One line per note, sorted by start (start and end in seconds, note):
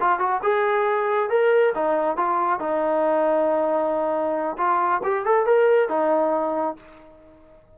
0.00 0.19 F4
0.19 0.41 F#4
0.43 1.29 G#4
1.29 1.73 A#4
1.75 2.17 D#4
2.17 2.60 F4
2.60 4.57 D#4
4.57 5.01 F4
5.03 5.25 G4
5.25 5.46 A4
5.46 5.89 A#4
5.89 6.76 D#4